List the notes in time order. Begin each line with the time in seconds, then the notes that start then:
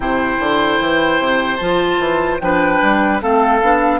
0.00 C3 E4 C5 G5
0.39 D3
0.80 E3
1.19 C3
1.56 F3 F4 A5
1.98 E3
2.40 F3 D4 B4 G5
2.81 G3
3.21 A3 C4 A4 F5
3.61 B3 D4